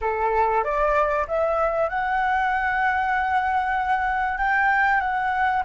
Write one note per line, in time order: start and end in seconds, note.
0.01 0.63 A4
0.64 1.26 D5
1.27 1.89 E5
1.89 4.38 F#5
4.38 5.00 G5
5.00 5.62 F#5